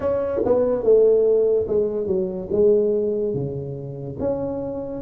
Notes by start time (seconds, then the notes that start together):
0.00 C#4
0.45 B3
0.83 A3
1.67 G#3
2.06 F#3
2.51 G#3
3.33 C#3
4.19 C#4